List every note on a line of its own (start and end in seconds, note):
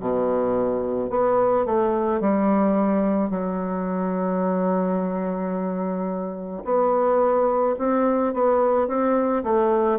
0.00 1.10 B2
1.10 1.66 B3
1.66 2.21 A3
2.21 3.30 G3
3.30 6.63 F#3
6.65 7.76 B3
7.78 8.34 C4
8.34 8.88 B3
8.88 9.43 C4
9.44 9.99 A3